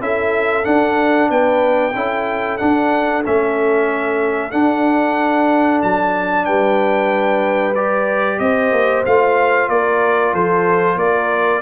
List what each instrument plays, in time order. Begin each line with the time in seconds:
0.00 tuba C#4, trombone E4, horn A4, trumpet E5
0.63 trombone D4, tuba D4, trumpet F#5
1.30 tuba B3, horn B4, trumpet G5
1.95 tuba C#4, trombone E4, horn A4
2.58 trombone D4, tuba D4, trumpet F#5
3.25 tuba A3, trombone C#4, trumpet E5
4.51 trombone D4, tuba D4, trumpet F#5
5.82 tuba F#3, trumpet A5
6.45 tuba G3, horn B4, trumpet G5
7.75 trombone G4, trumpet D5
8.39 tuba C4, horn C5, trumpet D#5
8.72 tuba A#3
9.05 tuba A3, trombone F4, trumpet F5
9.68 tuba A#3, horn A#4, trumpet D5
10.33 tuba F3, horn A4, trumpet C5
10.96 tuba A#3, horn A#4, trumpet D5